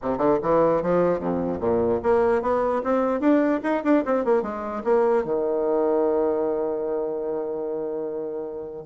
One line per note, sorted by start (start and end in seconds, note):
0.02 0.18 C3
0.18 0.38 D3
0.42 0.82 E3
0.82 1.19 F3
1.19 1.59 F2
1.60 2.00 A#2
2.02 2.42 A#3
2.42 2.82 B3
2.83 3.20 C4
3.20 3.60 D4
3.63 3.83 D#4
3.83 4.04 D4
4.05 4.24 C4
4.24 4.42 A#3
4.42 4.82 G#3
4.84 5.24 A#3
5.24 8.85 D#3